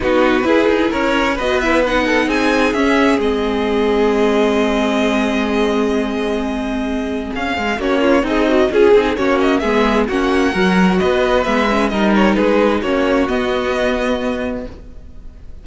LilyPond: <<
  \new Staff \with { instrumentName = "violin" } { \time 4/4 \tempo 4 = 131 b'2 cis''4 dis''8 e''8 | fis''4 gis''4 e''4 dis''4~ | dis''1~ | dis''1 |
f''4 cis''4 dis''4 gis'4 | cis''8 dis''8 e''4 fis''2 | dis''4 e''4 dis''8 cis''8 b'4 | cis''4 dis''2. | }
  \new Staff \with { instrumentName = "violin" } { \time 4/4 fis'4 gis'4 ais'4 b'4~ | b'8 a'8 gis'2.~ | gis'1~ | gis'1~ |
gis'4 fis'8 f'8 dis'4 gis'4 | fis'4 gis'4 fis'4 ais'4 | b'2 ais'4 gis'4 | fis'1 | }
  \new Staff \with { instrumentName = "viola" } { \time 4/4 dis'4 e'2 fis'8 e'8 | dis'2 cis'4 c'4~ | c'1~ | c'1~ |
c'4 cis'4 gis'8 fis'8 f'8 dis'8 | cis'4 b4 cis'4 fis'4~ | fis'4 b8 cis'8 dis'2 | cis'4 b2. | }
  \new Staff \with { instrumentName = "cello" } { \time 4/4 b4 e'8 dis'8 cis'4 b4~ | b4 c'4 cis'4 gis4~ | gis1~ | gis1 |
cis'8 gis8 ais4 c'4 cis'8 c'8 | ais4 gis4 ais4 fis4 | b4 gis4 g4 gis4 | ais4 b2. | }
>>